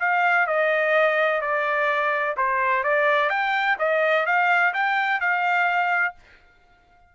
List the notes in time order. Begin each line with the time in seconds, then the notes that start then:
0.00 F5
0.47 D#5
1.42 D5
2.37 C5
2.84 D5
3.30 G5
3.79 D#5
4.26 F5
4.74 G5
5.21 F5